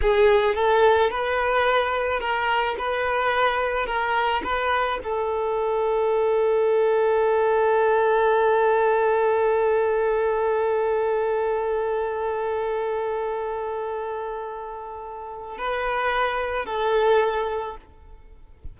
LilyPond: \new Staff \with { instrumentName = "violin" } { \time 4/4 \tempo 4 = 108 gis'4 a'4 b'2 | ais'4 b'2 ais'4 | b'4 a'2.~ | a'1~ |
a'1~ | a'1~ | a'1 | b'2 a'2 | }